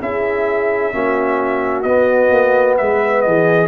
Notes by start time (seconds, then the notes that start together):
0.00 C#4 E4 G#4 E5
0.92 A#3 C#4 F#4
1.83 B3 D#5
2.31 A#3
2.77 G#3 B4 E5
3.22 E3 G#4 D#5